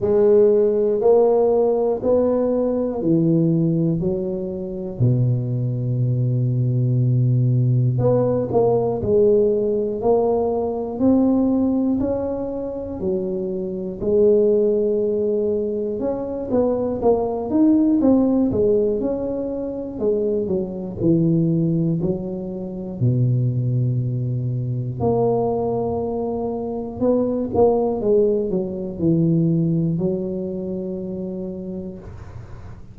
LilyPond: \new Staff \with { instrumentName = "tuba" } { \time 4/4 \tempo 4 = 60 gis4 ais4 b4 e4 | fis4 b,2. | b8 ais8 gis4 ais4 c'4 | cis'4 fis4 gis2 |
cis'8 b8 ais8 dis'8 c'8 gis8 cis'4 | gis8 fis8 e4 fis4 b,4~ | b,4 ais2 b8 ais8 | gis8 fis8 e4 fis2 | }